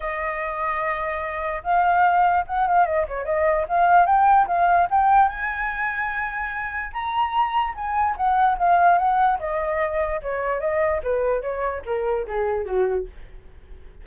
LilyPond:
\new Staff \with { instrumentName = "flute" } { \time 4/4 \tempo 4 = 147 dis''1 | f''2 fis''8 f''8 dis''8 cis''8 | dis''4 f''4 g''4 f''4 | g''4 gis''2.~ |
gis''4 ais''2 gis''4 | fis''4 f''4 fis''4 dis''4~ | dis''4 cis''4 dis''4 b'4 | cis''4 ais'4 gis'4 fis'4 | }